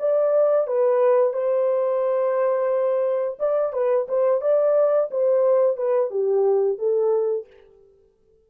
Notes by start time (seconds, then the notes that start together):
0.00 D5
0.68 B4
1.34 C5
3.40 D5
3.73 B4
4.09 C5
4.42 D5
5.11 C5
5.77 B4
6.11 G4
6.79 A4